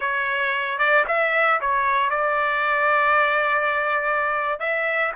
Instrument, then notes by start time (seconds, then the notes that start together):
trumpet
0.00 C#5
0.78 D5
1.07 E5
1.61 C#5
2.10 D5
4.59 E5